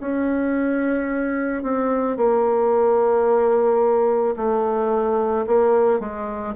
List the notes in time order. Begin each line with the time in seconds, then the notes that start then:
0.00 C#4
1.63 C4
2.17 A#3
4.36 A3
5.46 A#3
5.99 G#3